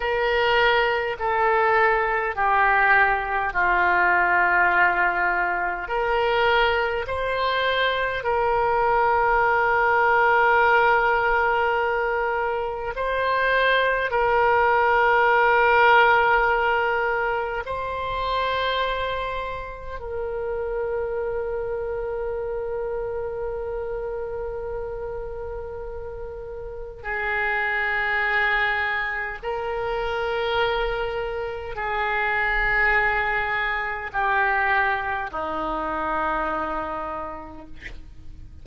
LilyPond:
\new Staff \with { instrumentName = "oboe" } { \time 4/4 \tempo 4 = 51 ais'4 a'4 g'4 f'4~ | f'4 ais'4 c''4 ais'4~ | ais'2. c''4 | ais'2. c''4~ |
c''4 ais'2.~ | ais'2. gis'4~ | gis'4 ais'2 gis'4~ | gis'4 g'4 dis'2 | }